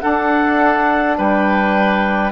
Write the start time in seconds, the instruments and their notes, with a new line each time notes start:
0.00 saxophone D4, bassoon D4, oboe A4, clarinet F#5
1.18 bassoon G3, oboe B4, clarinet G5